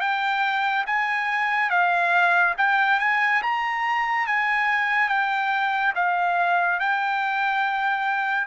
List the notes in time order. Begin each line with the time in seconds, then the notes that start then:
0.00 G5
0.86 G#5
1.70 F5
2.58 G5
3.00 G#5
3.43 A#5
4.27 G#5
5.09 G5
5.95 F5
6.80 G5